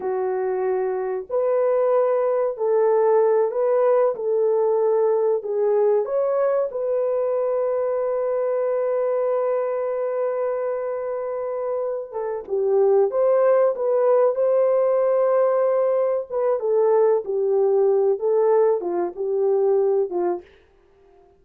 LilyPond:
\new Staff \with { instrumentName = "horn" } { \time 4/4 \tempo 4 = 94 fis'2 b'2 | a'4. b'4 a'4.~ | a'8 gis'4 cis''4 b'4.~ | b'1~ |
b'2. a'8 g'8~ | g'8 c''4 b'4 c''4.~ | c''4. b'8 a'4 g'4~ | g'8 a'4 f'8 g'4. f'8 | }